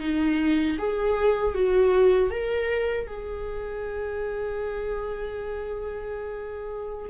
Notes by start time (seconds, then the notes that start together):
0.00 D#4
0.78 G#4
1.55 F#4
2.31 A#4
3.07 G#4